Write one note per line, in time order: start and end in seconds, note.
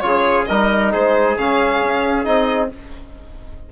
0.00 0.47 C#3
0.00 0.47 F4
0.00 0.45 C#5
0.07 0.49 G#4
0.45 0.94 G3
0.45 1.37 D#4
0.45 0.92 A#4
0.45 0.90 D#5
0.92 1.36 G#3
0.92 2.71 G#4
0.92 1.37 C5
1.36 1.81 C#3
1.36 2.24 C#4
1.36 2.25 F5
1.81 2.26 C#4
2.24 2.72 C4
2.24 2.69 D#4
2.24 2.69 D#5